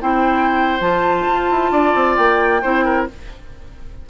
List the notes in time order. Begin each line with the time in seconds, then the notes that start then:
0.00 C4 E4 C5 G5
0.80 F3 F4 A5
1.28 F4
1.50 E4
1.71 D4 D5
1.94 C4
2.16 A#3 G5
2.61 C4 E4 C5
2.84 A#4